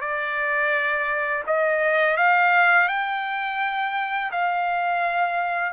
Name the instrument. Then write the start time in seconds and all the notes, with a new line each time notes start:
trumpet
0.00 D5
1.46 D#5
2.17 F5
2.88 G5
4.31 F5